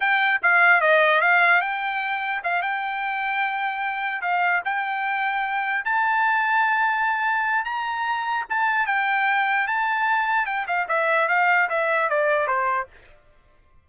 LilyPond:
\new Staff \with { instrumentName = "trumpet" } { \time 4/4 \tempo 4 = 149 g''4 f''4 dis''4 f''4 | g''2 f''8 g''4.~ | g''2~ g''8 f''4 g''8~ | g''2~ g''8 a''4.~ |
a''2. ais''4~ | ais''4 a''4 g''2 | a''2 g''8 f''8 e''4 | f''4 e''4 d''4 c''4 | }